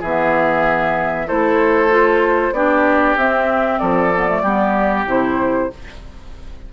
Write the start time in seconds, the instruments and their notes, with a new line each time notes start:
0.00 bassoon E3, oboe G#4, flute E5
0.06 clarinet B3
1.27 bassoon A3, clarinet E4, oboe A4, flute C5
1.90 clarinet F4
2.52 bassoon B3, clarinet D4, oboe G4, flute D5
3.16 bassoon C4, clarinet C4, flute E5
3.79 bassoon F3, oboe A4, flute D5
4.15 clarinet B3
4.28 clarinet A3
4.42 bassoon G3, clarinet B3, oboe G4
5.07 bassoon C3, clarinet E4, flute C5